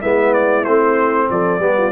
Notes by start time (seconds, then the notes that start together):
0.00 G#3 B3 E4 E5
0.33 D5
0.64 A3 C4 C5
1.29 F3 A4 D5
1.59 G3 B3 G4
1.77 F4